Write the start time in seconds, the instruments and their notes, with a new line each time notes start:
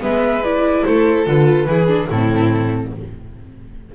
0.00 double bass G#3, viola B3, violin B4, flute E5
0.44 viola E4, flute D5
0.85 double bass A3, violin A4, flute C5
1.26 double bass D3, viola F4, flute B4
1.66 double bass E3, viola E4, violin G#4
1.88 viola D4
2.09 double bass A2, viola C4, violin E4, flute A4